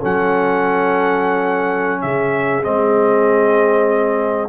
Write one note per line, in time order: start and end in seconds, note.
0.00 2.03 F#3
0.00 2.63 C#4
0.00 2.01 A4
0.00 2.02 F#5
2.02 2.65 C#3
2.02 4.49 G#4
2.02 2.63 E5
2.63 4.49 G#3
2.63 4.49 C4
2.63 4.49 D#5